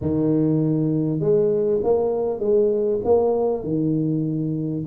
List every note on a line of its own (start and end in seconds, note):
0.01 1.20 D#3
1.20 1.80 G#3
1.83 2.39 A#3
2.39 3.00 G#3
3.04 3.63 A#3
3.63 4.84 D#3